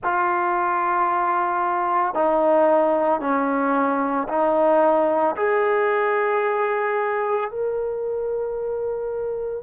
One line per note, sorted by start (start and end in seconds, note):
0.03 2.14 F4
2.14 3.20 D#4
3.20 4.27 C#4
4.28 5.35 D#4
5.36 7.50 G#4
7.50 9.63 A#4